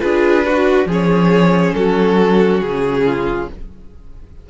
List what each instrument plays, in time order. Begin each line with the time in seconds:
0.00 cello D4, viola F4, violin G#4 B4
0.46 violin F#4, viola F#4
0.86 cello F3, viola C#4, violin G#4
0.92 violin C#5
1.74 cello F#3, violin F#4 A4
2.61 cello C#3, violin G#4
3.05 violin F4